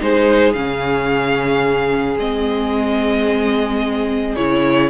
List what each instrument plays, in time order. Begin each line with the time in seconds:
0.00 cello G#3, viola D#4, violin G#4 C5
0.53 cello C#3, viola C#4, violin F5
2.17 cello G#3, viola C4, violin D#5
4.35 cello C#3, viola E4, violin C#5